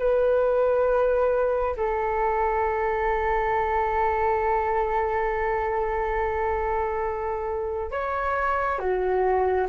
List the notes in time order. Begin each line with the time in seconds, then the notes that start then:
0.00 B4
1.77 A4
7.92 C#5
8.79 F#4